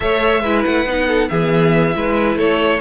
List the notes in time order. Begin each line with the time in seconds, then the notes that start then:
0.00 A3 A4 C#5 E5
0.41 G#3 E4 B4
0.64 A3 F#5
0.85 B3 D#4
1.07 A4
1.29 E3 B3 G#4 E5
1.93 G#3 E4 B4
2.35 A3 A4 C#5